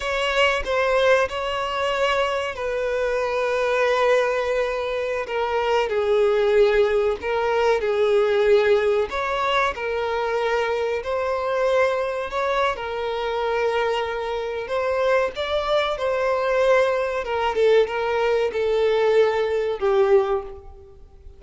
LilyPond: \new Staff \with { instrumentName = "violin" } { \time 4/4 \tempo 4 = 94 cis''4 c''4 cis''2 | b'1~ | b'16 ais'4 gis'2 ais'8.~ | ais'16 gis'2 cis''4 ais'8.~ |
ais'4~ ais'16 c''2 cis''8. | ais'2. c''4 | d''4 c''2 ais'8 a'8 | ais'4 a'2 g'4 | }